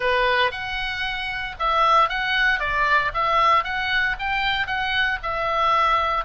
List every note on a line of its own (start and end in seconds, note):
0.00 0.51 B4
0.51 1.55 F#5
1.59 2.09 E5
2.09 2.59 F#5
2.59 3.11 D5
3.14 3.64 E5
3.64 4.16 F#5
4.19 4.66 G5
4.66 5.18 F#5
5.22 6.24 E5